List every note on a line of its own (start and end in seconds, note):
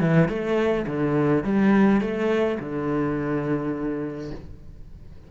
0.00 0.29 E3
0.29 0.86 A3
0.86 1.44 D3
1.44 2.01 G3
2.01 2.58 A3
2.59 4.31 D3